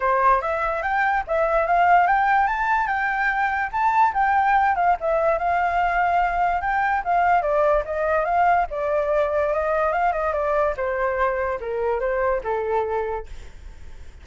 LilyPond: \new Staff \with { instrumentName = "flute" } { \time 4/4 \tempo 4 = 145 c''4 e''4 g''4 e''4 | f''4 g''4 a''4 g''4~ | g''4 a''4 g''4. f''8 | e''4 f''2. |
g''4 f''4 d''4 dis''4 | f''4 d''2 dis''4 | f''8 dis''8 d''4 c''2 | ais'4 c''4 a'2 | }